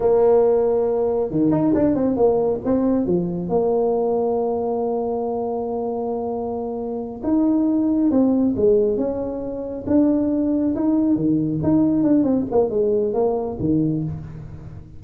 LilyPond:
\new Staff \with { instrumentName = "tuba" } { \time 4/4 \tempo 4 = 137 ais2. dis8 dis'8 | d'8 c'8 ais4 c'4 f4 | ais1~ | ais1~ |
ais8 dis'2 c'4 gis8~ | gis8 cis'2 d'4.~ | d'8 dis'4 dis4 dis'4 d'8 | c'8 ais8 gis4 ais4 dis4 | }